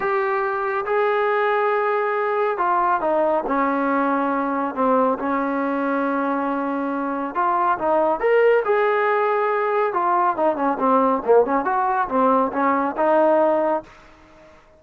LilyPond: \new Staff \with { instrumentName = "trombone" } { \time 4/4 \tempo 4 = 139 g'2 gis'2~ | gis'2 f'4 dis'4 | cis'2. c'4 | cis'1~ |
cis'4 f'4 dis'4 ais'4 | gis'2. f'4 | dis'8 cis'8 c'4 ais8 cis'8 fis'4 | c'4 cis'4 dis'2 | }